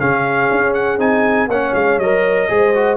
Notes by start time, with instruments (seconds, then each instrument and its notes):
0.00 tuba C#3, trombone C#4, horn G#4, trumpet F5
0.52 tuba C#4
0.74 trumpet F#5
0.98 tuba C4, trombone D#4, trumpet G#5
1.48 tuba A#3, trombone C#4, horn C#5, trumpet F#5
1.74 tuba G#3, trumpet F5
1.98 tuba F#3, trombone A#4, trumpet D#5
2.49 tuba G#3, trombone G#4, horn C5
2.75 trombone F#4